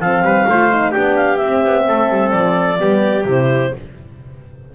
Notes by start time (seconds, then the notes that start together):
0.00 F3 C4 A4 F5
0.22 G3 B4
0.48 A3 F4 C5
0.71 D#4
0.91 B3 D4 G4 G5
1.16 F5
1.37 C4 E5
1.65 B3
1.88 A3 A4
2.10 G3
2.31 F3 D5
2.78 G3 B3 G4
3.25 C3 E4 C5